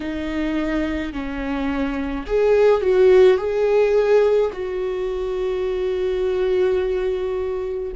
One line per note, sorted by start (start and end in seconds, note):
0.00 1.13 D#4
1.13 2.26 C#4
2.26 2.80 G#4
2.80 3.37 F#4
3.37 4.50 G#4
4.53 7.92 F#4